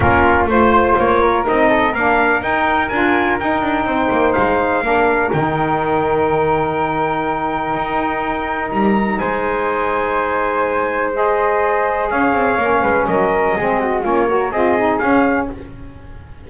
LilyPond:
<<
  \new Staff \with { instrumentName = "trumpet" } { \time 4/4 \tempo 4 = 124 ais'4 c''4 cis''4 dis''4 | f''4 g''4 gis''4 g''4~ | g''4 f''2 g''4~ | g''1~ |
g''2 ais''4 gis''4~ | gis''2. dis''4~ | dis''4 f''2 dis''4~ | dis''4 cis''4 dis''4 f''4 | }
  \new Staff \with { instrumentName = "flute" } { \time 4/4 f'4 c''4. ais'4 a'8 | ais'1 | c''2 ais'2~ | ais'1~ |
ais'2. c''4~ | c''1~ | c''4 cis''4. b'8 ais'4 | gis'8 fis'8 f'8 ais'8 gis'2 | }
  \new Staff \with { instrumentName = "saxophone" } { \time 4/4 cis'4 f'2 dis'4 | d'4 dis'4 f'4 dis'4~ | dis'2 d'4 dis'4~ | dis'1~ |
dis'1~ | dis'2. gis'4~ | gis'2 cis'2 | c'4 cis'8 fis'8 f'8 dis'8 cis'4 | }
  \new Staff \with { instrumentName = "double bass" } { \time 4/4 ais4 a4 ais4 c'4 | ais4 dis'4 d'4 dis'8 d'8 | c'8 ais8 gis4 ais4 dis4~ | dis1 |
dis'2 g4 gis4~ | gis1~ | gis4 cis'8 c'8 ais8 gis8 fis4 | gis4 ais4 c'4 cis'4 | }
>>